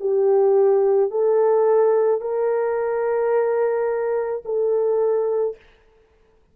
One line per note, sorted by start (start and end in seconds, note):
0.00 1.10 G4
1.10 2.21 A4
2.21 4.43 A#4
4.44 5.56 A4